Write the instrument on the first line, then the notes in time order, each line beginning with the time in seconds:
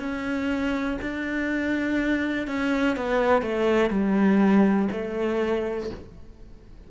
cello
0.00 C#4
1.02 D4
2.48 C#4
2.97 B3
3.42 A3
3.90 G3
4.92 A3